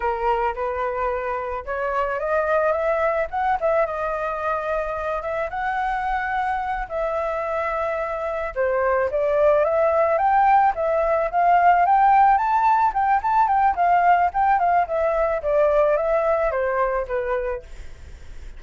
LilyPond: \new Staff \with { instrumentName = "flute" } { \time 4/4 \tempo 4 = 109 ais'4 b'2 cis''4 | dis''4 e''4 fis''8 e''8 dis''4~ | dis''4. e''8 fis''2~ | fis''8 e''2. c''8~ |
c''8 d''4 e''4 g''4 e''8~ | e''8 f''4 g''4 a''4 g''8 | a''8 g''8 f''4 g''8 f''8 e''4 | d''4 e''4 c''4 b'4 | }